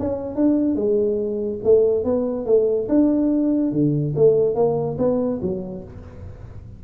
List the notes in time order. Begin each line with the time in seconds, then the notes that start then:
0.00 C#4
0.36 D4
0.76 G#3
1.64 A3
2.05 B3
2.46 A3
2.89 D4
3.72 D3
4.16 A3
4.55 A#3
4.99 B3
5.42 F#3